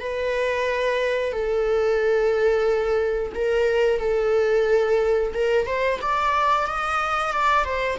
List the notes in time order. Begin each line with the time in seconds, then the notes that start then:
0.00 B4
1.32 A4
3.35 A#4
4.00 A4
5.34 A#4
5.67 C5
6.02 D5
6.67 D#5
7.33 D5
7.65 C5